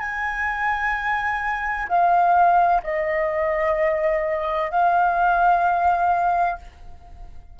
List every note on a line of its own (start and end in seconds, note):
0.00 1.87 G#5
1.89 2.83 F5
2.84 4.71 D#5
4.71 6.59 F5